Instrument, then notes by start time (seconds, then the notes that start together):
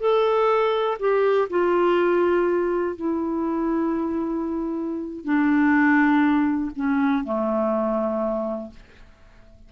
clarinet
0.00 A4
0.99 G4
1.50 F4
2.96 E4
5.24 D4
6.76 C#4
7.24 A3